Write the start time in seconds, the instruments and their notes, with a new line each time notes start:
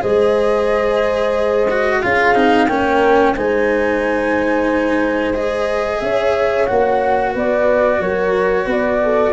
0.00 tuba G#3, cello G#4, horn C5, flute D#5
1.70 cello F#4
2.01 tuba C#4, cello F4, horn G#4, flute F5
2.35 tuba C4, cello D#4
2.67 tuba A#3, cello C#4, horn A#4, flute G5
3.35 tuba G#3, cello D#4, horn C5, flute G#5
5.33 cello G#4, flute D#5
6.00 tuba C#4, horn C#5, flute E5
6.66 tuba A#3, cello F#4, flute F#5
7.32 tuba B3, horn B4, flute D5
8.00 tuba F#3, horn A#4, flute C#5
8.66 tuba B3, horn B4, flute D5
9.02 horn A4